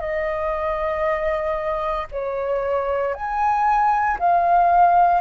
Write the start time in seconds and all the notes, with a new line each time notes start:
0.00 D#5
2.11 C#5
3.14 G#5
4.18 F5